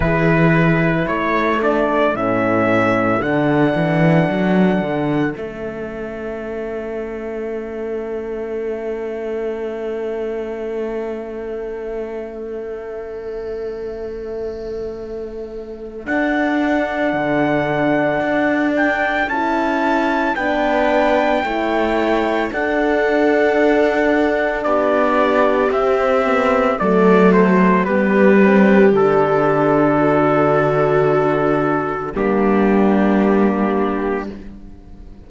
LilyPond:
<<
  \new Staff \with { instrumentName = "trumpet" } { \time 4/4 \tempo 4 = 56 b'4 cis''8 d''8 e''4 fis''4~ | fis''4 e''2.~ | e''1~ | e''2. fis''4~ |
fis''4. g''8 a''4 g''4~ | g''4 fis''2 d''4 | e''4 d''8 c''8 b'4 a'4~ | a'2 g'2 | }
  \new Staff \with { instrumentName = "viola" } { \time 4/4 gis'4 a'2.~ | a'1~ | a'1~ | a'1~ |
a'2. b'4 | cis''4 a'2 g'4~ | g'4 a'4 g'2 | fis'2 d'2 | }
  \new Staff \with { instrumentName = "horn" } { \time 4/4 e'4. d'8 cis'4 d'4~ | d'4 cis'2.~ | cis'1~ | cis'2. d'4~ |
d'2 e'4 d'4 | e'4 d'2. | c'8 b8 a4 b8 c'8 d'4~ | d'2 ais2 | }
  \new Staff \with { instrumentName = "cello" } { \time 4/4 e4 a4 a,4 d8 e8 | fis8 d8 a2.~ | a1~ | a2. d'4 |
d4 d'4 cis'4 b4 | a4 d'2 b4 | c'4 fis4 g4 d4~ | d2 g2 | }
>>